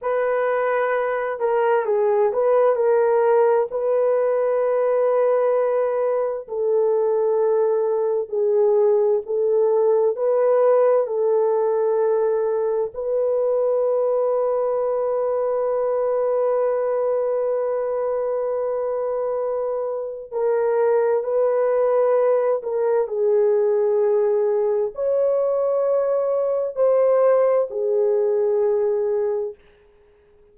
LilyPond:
\new Staff \with { instrumentName = "horn" } { \time 4/4 \tempo 4 = 65 b'4. ais'8 gis'8 b'8 ais'4 | b'2. a'4~ | a'4 gis'4 a'4 b'4 | a'2 b'2~ |
b'1~ | b'2 ais'4 b'4~ | b'8 ais'8 gis'2 cis''4~ | cis''4 c''4 gis'2 | }